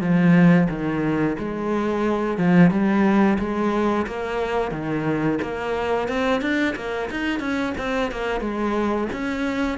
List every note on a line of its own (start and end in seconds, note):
0.00 0.67 F3
0.69 1.36 D#3
1.38 2.37 G#3
2.37 2.70 F3
2.70 3.38 G3
3.38 4.06 G#3
4.06 4.71 A#3
4.71 5.38 D#3
5.41 6.08 A#3
6.08 6.41 C4
6.41 6.75 D4
6.75 7.09 A#3
7.10 7.39 D#4
7.39 7.73 C#4
7.78 8.11 C4
8.11 8.40 A#3
8.40 9.08 G#3
9.12 9.78 C#4